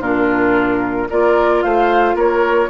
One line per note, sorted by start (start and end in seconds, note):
0.00 1.08 A#2
0.00 1.10 D4
0.00 1.08 F4
0.00 1.10 A#4
1.10 1.65 A#3
1.10 2.70 F4
1.10 1.64 A#4
1.10 1.63 D5
1.63 2.15 A3
1.63 2.16 C5
1.63 2.17 F5
2.15 2.69 A#3
2.15 2.70 A#4
2.15 2.70 C#5